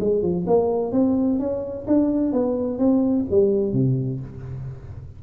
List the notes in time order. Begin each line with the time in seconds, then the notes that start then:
0.00 G#3
0.22 F3
0.47 A#3
0.92 C4
1.39 C#4
1.87 D4
2.32 B3
2.78 C4
3.31 G3
3.73 C3